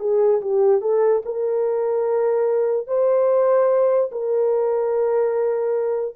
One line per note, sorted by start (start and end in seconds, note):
0.00 0.41 G#4
0.42 0.82 G4
0.82 1.23 A4
1.26 2.88 A#4
2.88 4.11 C5
4.12 6.16 A#4